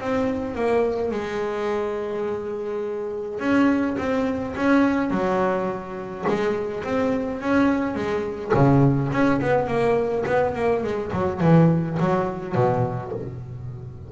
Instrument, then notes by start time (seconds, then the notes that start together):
double bass
0.00 C4
0.55 A#3
1.11 G#3
3.39 C#4
3.97 C4
4.56 C#4
5.10 F#3
6.28 G#3
6.83 C4
7.41 C#4
7.95 G#3
8.54 C#3
9.12 C#4
9.41 B3
9.67 A#3
10.26 B3
10.55 A#3
10.83 G#3
11.12 F#3
11.40 E3
11.99 F#3
12.55 B2